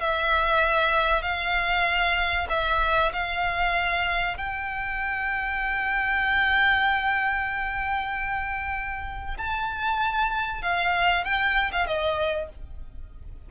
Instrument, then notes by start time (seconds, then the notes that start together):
violin
0.00 E5
1.22 F5
2.49 E5
3.12 F5
4.37 G5
9.37 A5
10.62 F5
11.24 G5
11.72 F5
11.86 D#5